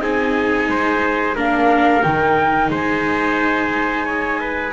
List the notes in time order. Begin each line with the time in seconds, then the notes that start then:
0.00 C4 D#4 G#4 G#5
0.68 G#3 C5
1.35 A#3 D4 A#4 F5
2.02 D#3 D#4 G5
2.70 G#3 C5 G#5
4.05 C#5
4.40 B4